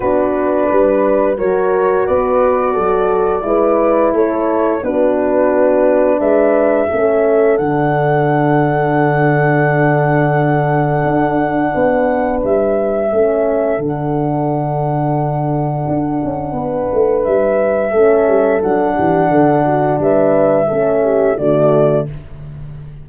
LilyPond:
<<
  \new Staff \with { instrumentName = "flute" } { \time 4/4 \tempo 4 = 87 b'2 cis''4 d''4~ | d''2 cis''4 b'4~ | b'4 e''2 fis''4~ | fis''1~ |
fis''2 e''2 | fis''1~ | fis''4 e''2 fis''4~ | fis''4 e''2 d''4 | }
  \new Staff \with { instrumentName = "horn" } { \time 4/4 fis'4 b'4 ais'4 b'4 | a'4 b'4 a'4 fis'4~ | fis'4 b'4 a'2~ | a'1~ |
a'4 b'2 a'4~ | a'1 | b'2 a'4. g'8 | a'8 fis'8 b'4 a'8 g'8 fis'4 | }
  \new Staff \with { instrumentName = "horn" } { \time 4/4 d'2 fis'2~ | fis'4 e'2 d'4~ | d'2 cis'4 d'4~ | d'1~ |
d'2. cis'4 | d'1~ | d'2 cis'4 d'4~ | d'2 cis'4 a4 | }
  \new Staff \with { instrumentName = "tuba" } { \time 4/4 b4 g4 fis4 b4 | fis4 gis4 a4 b4~ | b4 gis4 a4 d4~ | d1 |
d'4 b4 g4 a4 | d2. d'8 cis'8 | b8 a8 g4 a8 g8 fis8 e8 | d4 g4 a4 d4 | }
>>